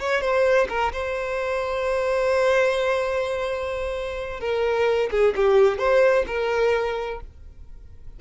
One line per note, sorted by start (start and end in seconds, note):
0.00 0.21 C#5
0.21 0.68 C5
0.69 0.93 A#4
0.93 4.40 C5
4.40 5.10 A#4
5.11 5.35 G#4
5.36 5.79 G4
5.79 6.25 C5
6.27 7.21 A#4